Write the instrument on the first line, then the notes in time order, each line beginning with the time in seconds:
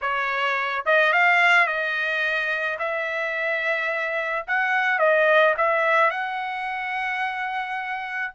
trumpet
0.01 C#5
0.85 D#5
1.12 F5
1.66 D#5
2.79 E5
4.47 F#5
4.98 D#5
5.57 E5
6.10 F#5